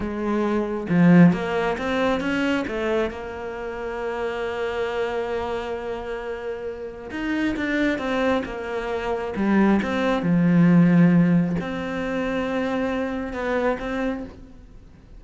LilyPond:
\new Staff \with { instrumentName = "cello" } { \time 4/4 \tempo 4 = 135 gis2 f4 ais4 | c'4 cis'4 a4 ais4~ | ais1~ | ais1 |
dis'4 d'4 c'4 ais4~ | ais4 g4 c'4 f4~ | f2 c'2~ | c'2 b4 c'4 | }